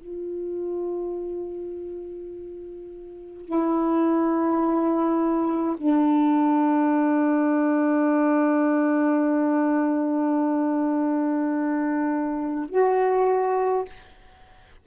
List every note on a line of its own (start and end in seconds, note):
0.00 3.46 F4
3.46 5.76 E4
5.77 12.70 D4
12.70 13.85 F#4